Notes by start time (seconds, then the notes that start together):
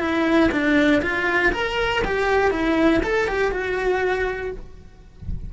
0.00 E4
0.52 D4
1.02 F4
1.52 A#4
2.05 G4
2.51 E4
3.03 A4
3.27 G4
3.51 F#4